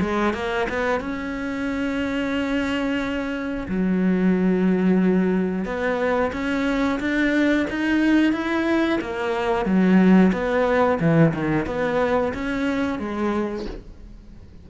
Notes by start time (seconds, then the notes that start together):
0.00 G#3
0.34 A#3
0.68 B3
1.00 C#4
3.68 F#3
5.65 B3
6.32 C#4
7.00 D4
7.69 D#4
8.32 E4
9.01 A#3
9.65 F#3
10.32 B3
11.00 E3
11.34 D#3
11.66 B3
12.33 C#4
12.98 G#3